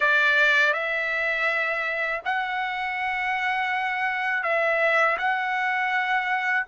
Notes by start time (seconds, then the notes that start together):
0.00 D5
0.73 E5
2.24 F#5
4.43 E5
5.18 F#5